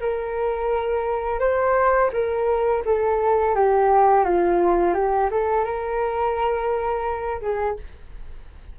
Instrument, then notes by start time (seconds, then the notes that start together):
flute
0.00 A#4
1.40 C5
2.13 A#4
2.86 A4
3.56 G4
4.25 F4
4.94 G4
5.31 A4
5.64 A#4
7.41 G#4